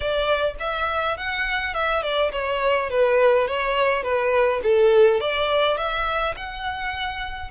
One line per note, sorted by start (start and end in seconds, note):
0.00 0.55 D5
0.59 1.17 E5
1.17 1.74 F#5
1.74 2.02 E5
2.02 2.31 D5
2.32 2.90 C#5
2.90 3.47 B4
3.47 4.03 C#5
4.03 4.60 B4
4.63 5.20 A4
5.20 5.77 D5
5.77 6.35 E5
6.36 7.50 F#5